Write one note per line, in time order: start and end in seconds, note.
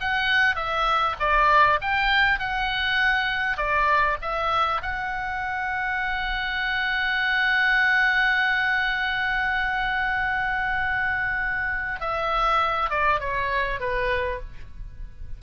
0.00 0.55 F#5
0.55 1.15 E5
1.19 1.79 D5
1.81 2.39 G5
2.39 3.57 F#5
3.57 4.17 D5
4.21 4.81 E5
4.82 12.00 F#5
12.00 12.89 E5
12.89 13.19 D5
13.20 13.80 C#5
13.80 14.40 B4